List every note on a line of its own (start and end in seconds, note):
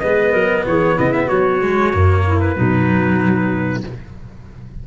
0.00 0.34 G#3
0.00 1.62 B3
0.00 0.32 B4
0.00 0.64 D#5
0.32 0.66 F#3
0.32 0.64 A#4
0.66 0.98 E3
0.66 0.95 G#4
0.66 0.99 C#5
0.95 1.31 C#3
0.95 1.26 E4
0.95 1.13 D#5
1.13 1.29 E5
1.26 1.93 F#3
1.26 2.22 F#4
1.26 2.40 C#5
1.62 1.93 G#3
1.93 2.57 F#2
1.93 2.56 A#3
2.28 2.56 E4
2.40 3.84 B4
2.56 3.87 B2
2.56 3.84 F#3
2.56 3.84 D#4